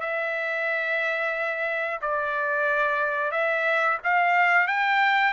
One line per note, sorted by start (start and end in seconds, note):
0.00 2.00 E5
2.01 3.31 D5
3.31 3.98 E5
4.04 4.67 F5
4.67 5.33 G5